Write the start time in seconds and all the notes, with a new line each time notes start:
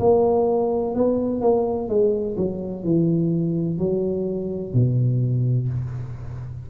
0.00 A#3
0.95 B3
1.41 A#3
1.89 G#3
2.37 F#3
2.84 E3
3.79 F#3
4.74 B2